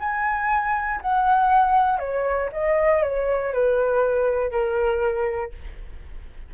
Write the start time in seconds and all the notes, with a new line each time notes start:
0.00 G#5
1.02 F#5
1.99 C#5
2.52 D#5
3.03 C#5
3.53 B4
4.51 A#4